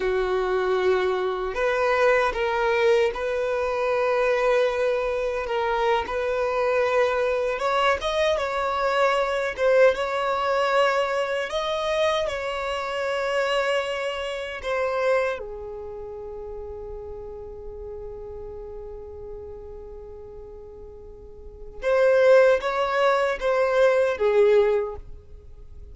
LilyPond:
\new Staff \with { instrumentName = "violin" } { \time 4/4 \tempo 4 = 77 fis'2 b'4 ais'4 | b'2. ais'8. b'16~ | b'4.~ b'16 cis''8 dis''8 cis''4~ cis''16~ | cis''16 c''8 cis''2 dis''4 cis''16~ |
cis''2~ cis''8. c''4 gis'16~ | gis'1~ | gis'1 | c''4 cis''4 c''4 gis'4 | }